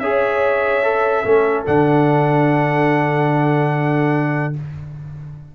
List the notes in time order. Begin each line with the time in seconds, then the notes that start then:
0.00 C#4 G#4 C#5 E5
0.84 A4
1.24 A3 C#4 A4
1.66 D3 D4 F#5